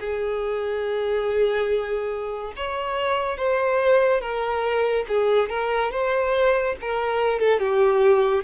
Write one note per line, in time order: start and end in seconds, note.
0.00 2.54 G#4
2.56 3.37 C#5
3.37 4.21 C5
4.21 5.05 A#4
5.08 5.49 G#4
5.49 5.91 A#4
5.91 6.76 C5
6.81 7.39 A#4
7.39 7.59 A4
7.59 8.44 G4